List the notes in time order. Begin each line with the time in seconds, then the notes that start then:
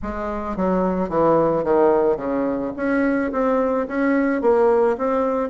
0.02 G#3
0.56 F#3
1.09 E3
1.64 D#3
2.16 C#3
2.76 C#4
3.32 C4
3.87 C#4
4.41 A#3
4.97 C4